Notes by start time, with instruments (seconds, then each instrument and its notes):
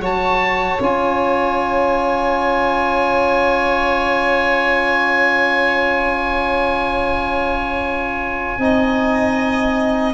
0.00 tuba F#3, trombone F#4, violin C#5, oboe A5
0.80 tuba C#4, trombone F4, oboe G#5
8.58 tuba C4, trombone D#4, violin D#5